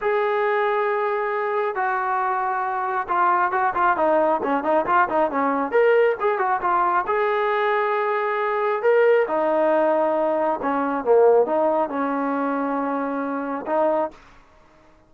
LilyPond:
\new Staff \with { instrumentName = "trombone" } { \time 4/4 \tempo 4 = 136 gis'1 | fis'2. f'4 | fis'8 f'8 dis'4 cis'8 dis'8 f'8 dis'8 | cis'4 ais'4 gis'8 fis'8 f'4 |
gis'1 | ais'4 dis'2. | cis'4 ais4 dis'4 cis'4~ | cis'2. dis'4 | }